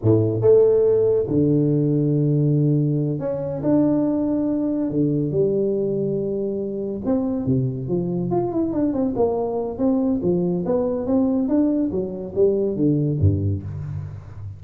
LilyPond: \new Staff \with { instrumentName = "tuba" } { \time 4/4 \tempo 4 = 141 a,4 a2 d4~ | d2.~ d8 cis'8~ | cis'8 d'2. d8~ | d8 g2.~ g8~ |
g8 c'4 c4 f4 f'8 | e'8 d'8 c'8 ais4. c'4 | f4 b4 c'4 d'4 | fis4 g4 d4 g,4 | }